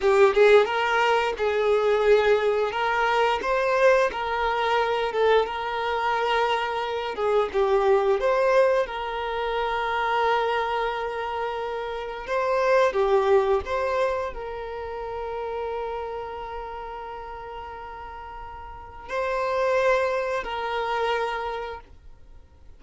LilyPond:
\new Staff \with { instrumentName = "violin" } { \time 4/4 \tempo 4 = 88 g'8 gis'8 ais'4 gis'2 | ais'4 c''4 ais'4. a'8 | ais'2~ ais'8 gis'8 g'4 | c''4 ais'2.~ |
ais'2 c''4 g'4 | c''4 ais'2.~ | ais'1 | c''2 ais'2 | }